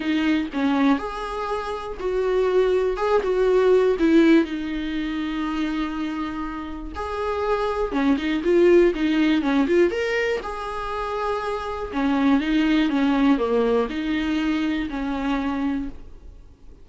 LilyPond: \new Staff \with { instrumentName = "viola" } { \time 4/4 \tempo 4 = 121 dis'4 cis'4 gis'2 | fis'2 gis'8 fis'4. | e'4 dis'2.~ | dis'2 gis'2 |
cis'8 dis'8 f'4 dis'4 cis'8 f'8 | ais'4 gis'2. | cis'4 dis'4 cis'4 ais4 | dis'2 cis'2 | }